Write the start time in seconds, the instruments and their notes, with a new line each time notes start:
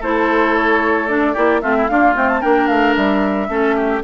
0.00 bassoon A3, clarinet E4, oboe A4, flute C5
0.56 flute C#5
1.07 clarinet D4, flute D5
1.33 bassoon A#3, clarinet E4, oboe G4
1.61 bassoon A3, clarinet C4, oboe F4, flute E5
1.76 oboe E4
1.88 clarinet A#3, bassoon D4, oboe F4, flute F5
2.15 clarinet A3, bassoon C4, flute G5
2.29 flute A5
2.40 bassoon A#3, clarinet D4, oboe A#4, flute G5
2.68 bassoon A3, flute F5
2.95 bassoon G3, flute E5
3.48 bassoon A3, clarinet C#4, oboe A4
3.75 oboe G4